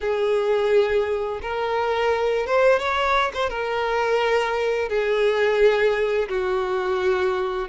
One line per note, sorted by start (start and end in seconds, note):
0.00 1.40 G#4
1.42 2.46 A#4
2.46 2.79 C5
2.79 3.31 C#5
3.33 3.49 C5
3.49 4.88 A#4
4.88 6.28 G#4
6.28 7.68 F#4